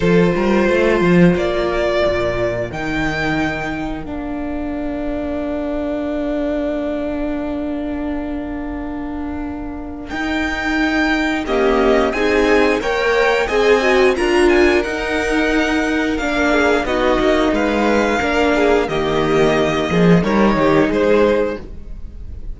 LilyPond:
<<
  \new Staff \with { instrumentName = "violin" } { \time 4/4 \tempo 4 = 89 c''2 d''2 | g''2 f''2~ | f''1~ | f''2. g''4~ |
g''4 dis''4 gis''4 g''4 | gis''4 ais''8 gis''8 fis''2 | f''4 dis''4 f''2 | dis''2 cis''4 c''4 | }
  \new Staff \with { instrumentName = "violin" } { \time 4/4 a'8 ais'8 c''4. ais'4.~ | ais'1~ | ais'1~ | ais'1~ |
ais'4 g'4 gis'4 cis''4 | dis''4 ais'2.~ | ais'8 gis'8 fis'4 b'4 ais'8 gis'8 | g'4. gis'8 ais'8 g'8 gis'4 | }
  \new Staff \with { instrumentName = "viola" } { \time 4/4 f'1 | dis'2 d'2~ | d'1~ | d'2. dis'4~ |
dis'4 ais4 dis'4 ais'4 | gis'8 fis'8 f'4 dis'2 | d'4 dis'2 d'4 | ais2 dis'2 | }
  \new Staff \with { instrumentName = "cello" } { \time 4/4 f8 g8 a8 f8 ais4 ais,4 | dis2 ais2~ | ais1~ | ais2. dis'4~ |
dis'4 cis'4 c'4 ais4 | c'4 d'4 dis'2 | ais4 b8 ais8 gis4 ais4 | dis4. f8 g8 dis8 gis4 | }
>>